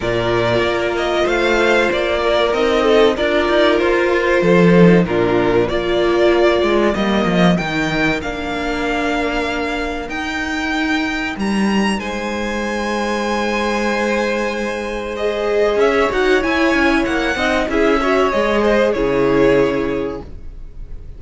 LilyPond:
<<
  \new Staff \with { instrumentName = "violin" } { \time 4/4 \tempo 4 = 95 d''4. dis''8 f''4 d''4 | dis''4 d''4 c''2 | ais'4 d''2 dis''4 | g''4 f''2. |
g''2 ais''4 gis''4~ | gis''1 | dis''4 e''8 fis''8 gis''4 fis''4 | e''4 dis''4 cis''2 | }
  \new Staff \with { instrumentName = "violin" } { \time 4/4 ais'2 c''4. ais'8~ | ais'8 a'8 ais'2 a'4 | f'4 ais'2.~ | ais'1~ |
ais'2. c''4~ | c''1~ | c''4 cis''2~ cis''8 dis''8 | gis'8 cis''4 c''8 gis'2 | }
  \new Staff \with { instrumentName = "viola" } { \time 4/4 f'1 | dis'4 f'2~ f'8 dis'8 | d'4 f'2 ais4 | dis'4 d'2. |
dis'1~ | dis'1 | gis'4. fis'8 e'4. dis'8 | e'8 fis'8 gis'4 e'2 | }
  \new Staff \with { instrumentName = "cello" } { \time 4/4 ais,4 ais4 a4 ais4 | c'4 d'8 dis'8 f'4 f4 | ais,4 ais4. gis8 g8 f8 | dis4 ais2. |
dis'2 g4 gis4~ | gis1~ | gis4 cis'8 dis'8 e'8 cis'8 ais8 c'8 | cis'4 gis4 cis2 | }
>>